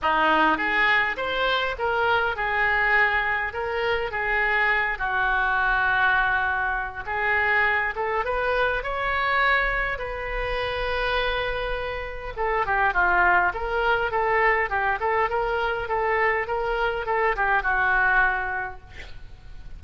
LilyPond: \new Staff \with { instrumentName = "oboe" } { \time 4/4 \tempo 4 = 102 dis'4 gis'4 c''4 ais'4 | gis'2 ais'4 gis'4~ | gis'8 fis'2.~ fis'8 | gis'4. a'8 b'4 cis''4~ |
cis''4 b'2.~ | b'4 a'8 g'8 f'4 ais'4 | a'4 g'8 a'8 ais'4 a'4 | ais'4 a'8 g'8 fis'2 | }